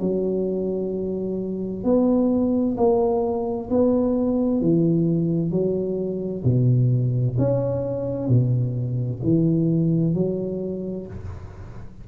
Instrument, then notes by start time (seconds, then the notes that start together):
tuba
0.00 F#3
1.83 B3
2.77 A#3
3.69 B3
4.61 E3
5.50 F#3
6.44 B2
7.38 C#4
8.28 B2
9.22 E3
10.14 F#3